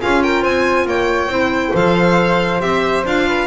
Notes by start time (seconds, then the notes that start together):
0.00 C#4 F4 G#4 F5
0.23 A#4 G5
0.42 C4 C5 G#5
0.86 A#3 C#5 G5
1.28 C4 E4 C5
1.73 F3 A4 F5
2.60 C4 G4 E5
3.06 D4 F4 F5
3.28 B4